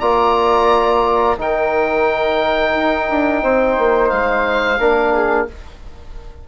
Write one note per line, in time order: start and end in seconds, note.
0.00 1.37 A#3
0.00 1.37 F4
0.00 1.36 D5
0.00 1.36 A#5
1.37 2.73 D#3
1.37 4.78 D#4
1.37 3.42 A#4
1.37 4.09 G5
2.74 3.08 D#4
3.09 3.42 D4
3.42 3.77 C4
3.42 4.78 C5
3.77 4.11 A#3
4.09 4.79 G#3
4.09 5.45 F5
4.78 5.47 A#3
4.78 5.47 D4
4.78 5.12 A#4
5.12 5.46 G#4